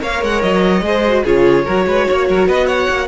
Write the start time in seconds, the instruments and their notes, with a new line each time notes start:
0.00 cello A#3, viola A#4, violin C#5 F5
0.23 cello G#3, violin F#5
0.42 cello F#3, violin D#5
0.81 cello G#3, viola G#4, violin C5
1.08 viola F#4
1.24 cello C#3, viola F4, violin G#4 C#5
1.65 cello F#3, viola F#4, violin A#4
1.86 cello G#3, violin B4
2.08 cello A#3, violin C#5
2.28 cello F#3, violin A#4
2.46 cello B3, violin B4 D#5
2.66 violin C#5 F#5
2.89 cello A#3